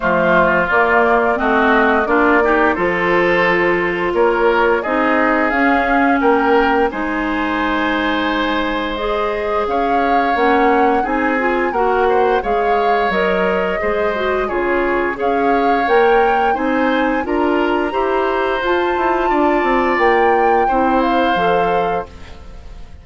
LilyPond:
<<
  \new Staff \with { instrumentName = "flute" } { \time 4/4 \tempo 4 = 87 c''4 d''4 dis''4 d''4 | c''2 cis''4 dis''4 | f''4 g''4 gis''2~ | gis''4 dis''4 f''4 fis''4 |
gis''4 fis''4 f''4 dis''4~ | dis''4 cis''4 f''4 g''4 | gis''4 ais''2 a''4~ | a''4 g''4. f''4. | }
  \new Staff \with { instrumentName = "oboe" } { \time 4/4 f'2 fis'4 f'8 g'8 | a'2 ais'4 gis'4~ | gis'4 ais'4 c''2~ | c''2 cis''2 |
gis'4 ais'8 c''8 cis''2 | c''4 gis'4 cis''2 | c''4 ais'4 c''2 | d''2 c''2 | }
  \new Staff \with { instrumentName = "clarinet" } { \time 4/4 a4 ais4 c'4 d'8 dis'8 | f'2. dis'4 | cis'2 dis'2~ | dis'4 gis'2 cis'4 |
dis'8 f'8 fis'4 gis'4 ais'4 | gis'8 fis'8 f'4 gis'4 ais'4 | dis'4 f'4 g'4 f'4~ | f'2 e'4 a'4 | }
  \new Staff \with { instrumentName = "bassoon" } { \time 4/4 f4 ais4 a4 ais4 | f2 ais4 c'4 | cis'4 ais4 gis2~ | gis2 cis'4 ais4 |
c'4 ais4 gis4 fis4 | gis4 cis4 cis'4 ais4 | c'4 d'4 e'4 f'8 e'8 | d'8 c'8 ais4 c'4 f4 | }
>>